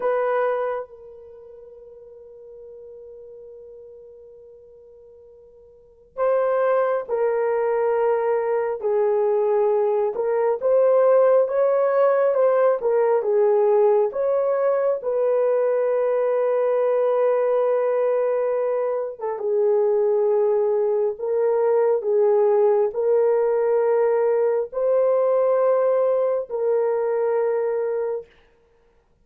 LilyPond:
\new Staff \with { instrumentName = "horn" } { \time 4/4 \tempo 4 = 68 b'4 ais'2.~ | ais'2. c''4 | ais'2 gis'4. ais'8 | c''4 cis''4 c''8 ais'8 gis'4 |
cis''4 b'2.~ | b'4.~ b'16 a'16 gis'2 | ais'4 gis'4 ais'2 | c''2 ais'2 | }